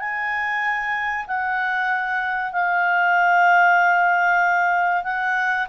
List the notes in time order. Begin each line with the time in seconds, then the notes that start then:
0.00 G#5
1.27 F#5
2.53 F5
5.04 F#5